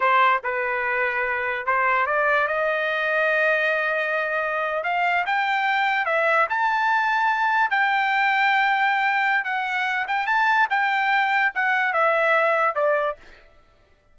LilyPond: \new Staff \with { instrumentName = "trumpet" } { \time 4/4 \tempo 4 = 146 c''4 b'2. | c''4 d''4 dis''2~ | dis''2.~ dis''8. f''16~ | f''8. g''2 e''4 a''16~ |
a''2~ a''8. g''4~ g''16~ | g''2. fis''4~ | fis''8 g''8 a''4 g''2 | fis''4 e''2 d''4 | }